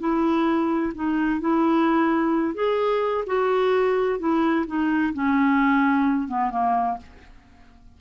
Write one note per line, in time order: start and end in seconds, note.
0.00 0.93 E4
0.95 1.41 D#4
1.41 2.55 E4
2.55 3.25 G#4
3.27 4.19 F#4
4.19 4.66 E4
4.67 5.14 D#4
5.14 6.28 C#4
6.28 6.51 B3
6.51 6.97 A#3